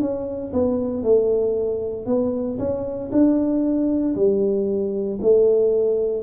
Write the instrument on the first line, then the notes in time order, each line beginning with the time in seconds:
tuba
0.00 C#4
0.53 B3
1.03 A3
2.06 B3
2.58 C#4
3.11 D4
4.15 G3
5.21 A3